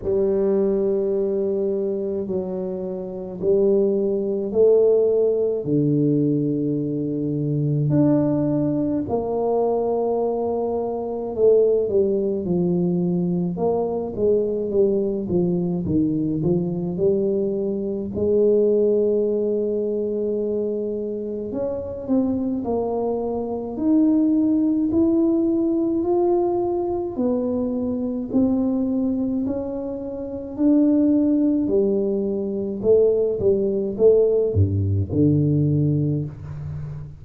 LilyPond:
\new Staff \with { instrumentName = "tuba" } { \time 4/4 \tempo 4 = 53 g2 fis4 g4 | a4 d2 d'4 | ais2 a8 g8 f4 | ais8 gis8 g8 f8 dis8 f8 g4 |
gis2. cis'8 c'8 | ais4 dis'4 e'4 f'4 | b4 c'4 cis'4 d'4 | g4 a8 g8 a8 g,8 d4 | }